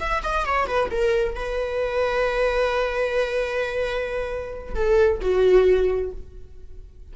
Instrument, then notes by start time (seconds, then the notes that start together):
viola
0.00 E5
0.23 D#5
0.45 C#5
0.67 B4
0.91 A#4
1.35 B4
4.75 A4
5.21 F#4